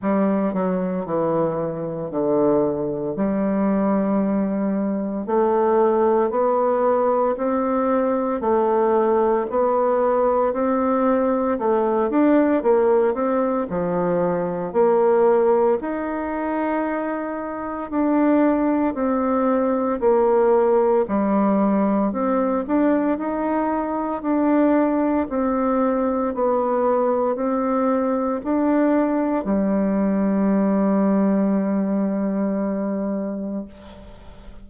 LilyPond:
\new Staff \with { instrumentName = "bassoon" } { \time 4/4 \tempo 4 = 57 g8 fis8 e4 d4 g4~ | g4 a4 b4 c'4 | a4 b4 c'4 a8 d'8 | ais8 c'8 f4 ais4 dis'4~ |
dis'4 d'4 c'4 ais4 | g4 c'8 d'8 dis'4 d'4 | c'4 b4 c'4 d'4 | g1 | }